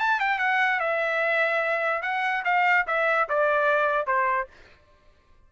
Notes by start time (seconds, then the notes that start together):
0.00 A5
0.21 G5
0.39 F#5
0.80 E5
2.03 F#5
2.45 F5
2.88 E5
3.29 D5
4.07 C5